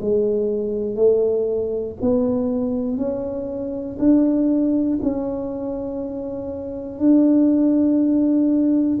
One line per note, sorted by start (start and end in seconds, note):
0.00 0.95 G#3
0.95 1.95 A3
2.01 2.97 B3
2.97 3.97 C#4
3.98 4.98 D4
5.02 6.98 C#4
6.98 8.98 D4